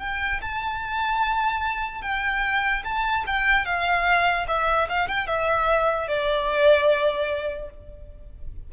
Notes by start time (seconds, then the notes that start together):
0.00 G5
0.42 A5
2.02 G5
2.84 A5
3.27 G5
3.65 F5
4.48 E5
4.89 F5
5.09 G5
5.27 E5
6.08 D5